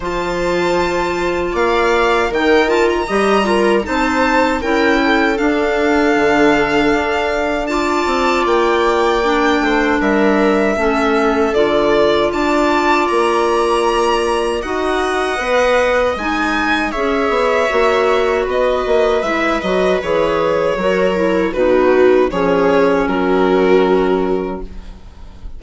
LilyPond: <<
  \new Staff \with { instrumentName = "violin" } { \time 4/4 \tempo 4 = 78 a''2 f''4 g''8 a''16 ais''16~ | ais''4 a''4 g''4 f''4~ | f''2 a''4 g''4~ | g''4 e''2 d''4 |
a''4 ais''2 fis''4~ | fis''4 gis''4 e''2 | dis''4 e''8 dis''8 cis''2 | b'4 cis''4 ais'2 | }
  \new Staff \with { instrumentName = "viola" } { \time 4/4 c''2 d''4 ais'4 | dis''8 ais'8 c''4 ais'8 a'4.~ | a'2 d''2~ | d''8 c''8 ais'4 a'2 |
d''2. dis''4~ | dis''2 cis''2 | b'2. ais'4 | fis'4 gis'4 fis'2 | }
  \new Staff \with { instrumentName = "clarinet" } { \time 4/4 f'2. dis'8 f'8 | g'8 f'8 dis'4 e'4 d'4~ | d'2 f'2 | d'2 cis'4 f'4~ |
f'2. fis'4 | b'4 dis'4 gis'4 fis'4~ | fis'4 e'8 fis'8 gis'4 fis'8 e'8 | dis'4 cis'2. | }
  \new Staff \with { instrumentName = "bassoon" } { \time 4/4 f2 ais4 dis4 | g4 c'4 cis'4 d'4 | d4 d'4. c'8 ais4~ | ais8 a8 g4 a4 d4 |
d'4 ais2 dis'4 | b4 gis4 cis'8 b8 ais4 | b8 ais8 gis8 fis8 e4 fis4 | b,4 f4 fis2 | }
>>